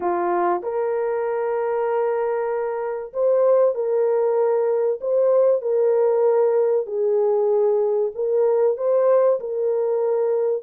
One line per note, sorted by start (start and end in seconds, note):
0.00 0.62 F4
0.62 3.12 A#4
3.13 3.74 C5
3.74 4.99 A#4
5.01 5.61 C5
5.61 6.86 A#4
6.86 8.11 G#4
8.14 8.77 A#4
8.77 9.39 C5
9.40 10.62 A#4